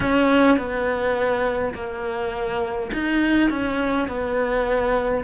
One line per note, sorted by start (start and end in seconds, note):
0.00 0.57 C#4
0.57 1.74 B3
1.74 2.91 A#3
2.93 3.50 D#4
3.50 4.08 C#4
4.08 5.24 B3